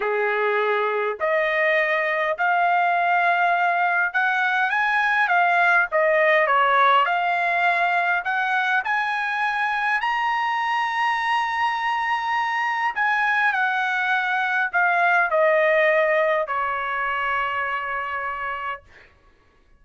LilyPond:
\new Staff \with { instrumentName = "trumpet" } { \time 4/4 \tempo 4 = 102 gis'2 dis''2 | f''2. fis''4 | gis''4 f''4 dis''4 cis''4 | f''2 fis''4 gis''4~ |
gis''4 ais''2.~ | ais''2 gis''4 fis''4~ | fis''4 f''4 dis''2 | cis''1 | }